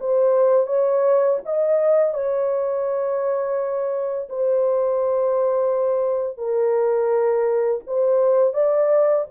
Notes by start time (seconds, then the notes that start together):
0.00 C5
0.67 C#5
1.45 D#5
2.14 C#5
4.29 C5
6.37 A#4
7.86 C5
8.53 D5